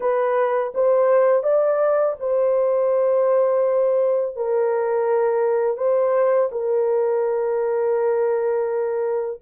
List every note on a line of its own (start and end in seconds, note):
0.00 0.72 B4
0.74 1.43 C5
1.43 2.15 D5
2.19 4.35 C5
4.35 5.77 A#4
5.77 6.49 C5
6.51 9.40 A#4